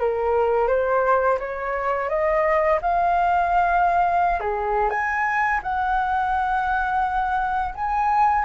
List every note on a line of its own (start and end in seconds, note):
0.00 0.68 A#4
0.68 1.39 C5
1.39 2.09 C#5
2.09 2.80 D#5
2.82 4.40 F5
4.40 4.90 G#4
4.90 5.61 G#5
5.63 7.75 F#5
7.75 8.45 G#5